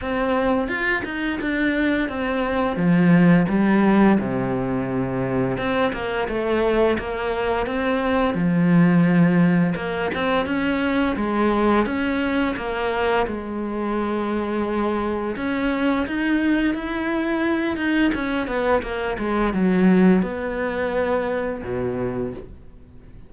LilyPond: \new Staff \with { instrumentName = "cello" } { \time 4/4 \tempo 4 = 86 c'4 f'8 dis'8 d'4 c'4 | f4 g4 c2 | c'8 ais8 a4 ais4 c'4 | f2 ais8 c'8 cis'4 |
gis4 cis'4 ais4 gis4~ | gis2 cis'4 dis'4 | e'4. dis'8 cis'8 b8 ais8 gis8 | fis4 b2 b,4 | }